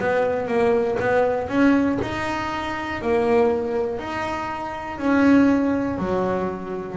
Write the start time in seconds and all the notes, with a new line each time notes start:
0.00 B3
0.47 A#3
1.00 B3
1.49 C#4
2.02 D#4
3.02 A#3
4.00 D#4
4.98 C#4
5.98 F#3